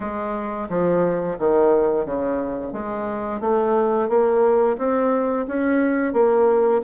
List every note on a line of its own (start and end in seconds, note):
0.00 0.68 G#3
0.68 1.37 F3
1.38 2.05 D#3
2.05 2.72 C#3
2.72 3.40 G#3
3.40 4.08 A3
4.08 4.76 A#3
4.77 5.45 C4
5.47 6.13 C#4
6.13 6.81 A#3